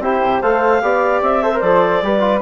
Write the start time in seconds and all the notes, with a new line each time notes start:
0.00 C4 E4 G4 C5
0.22 C3
0.42 A3 A4 C5 F5
0.82 B3 G4 D5
1.22 C4 E5
1.43 A4 C5
1.54 A#4
1.60 F3 A4 D5
2.02 G3 G4 B4
2.20 F4